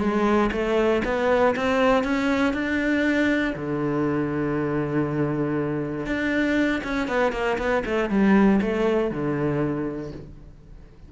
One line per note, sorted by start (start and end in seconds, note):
0.00 0.50 G#3
0.52 1.02 A3
1.05 1.55 B3
1.56 2.04 C4
2.04 2.53 C#4
2.53 3.54 D4
3.56 6.06 D3
6.06 6.82 D4
6.84 7.08 C#4
7.08 7.32 B3
7.32 7.58 A#3
7.58 7.84 B3
7.85 8.10 A3
8.10 8.60 G3
8.61 9.11 A3
9.11 10.12 D3